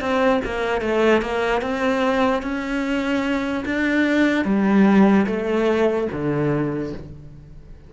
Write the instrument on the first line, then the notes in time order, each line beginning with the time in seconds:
cello
0.00 C4
0.45 A#3
0.81 A3
1.22 A#3
1.62 C4
2.42 C#4
3.65 D4
4.44 G3
5.26 A3
6.12 D3